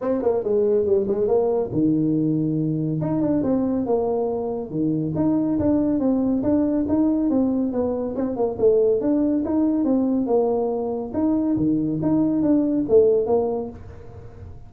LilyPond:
\new Staff \with { instrumentName = "tuba" } { \time 4/4 \tempo 4 = 140 c'8 ais8 gis4 g8 gis8 ais4 | dis2. dis'8 d'8 | c'4 ais2 dis4 | dis'4 d'4 c'4 d'4 |
dis'4 c'4 b4 c'8 ais8 | a4 d'4 dis'4 c'4 | ais2 dis'4 dis4 | dis'4 d'4 a4 ais4 | }